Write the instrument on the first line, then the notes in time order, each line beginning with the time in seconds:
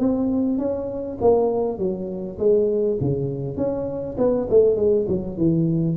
tuba
0.00 C4
0.59 C#4
1.21 A#3
1.78 F#3
2.39 G#3
3.01 C#3
3.57 C#4
4.18 B3
4.50 A3
4.77 G#3
5.09 F#3
5.38 E3